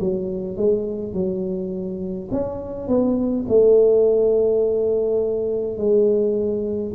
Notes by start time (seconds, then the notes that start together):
0.00 F#3
0.57 G#3
1.13 F#3
2.31 C#4
2.87 B3
3.48 A3
5.77 G#3